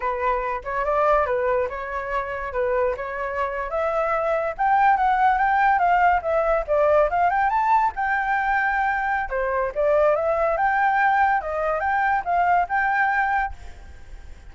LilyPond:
\new Staff \with { instrumentName = "flute" } { \time 4/4 \tempo 4 = 142 b'4. cis''8 d''4 b'4 | cis''2 b'4 cis''4~ | cis''8. e''2 g''4 fis''16~ | fis''8. g''4 f''4 e''4 d''16~ |
d''8. f''8 g''8 a''4 g''4~ g''16~ | g''2 c''4 d''4 | e''4 g''2 dis''4 | g''4 f''4 g''2 | }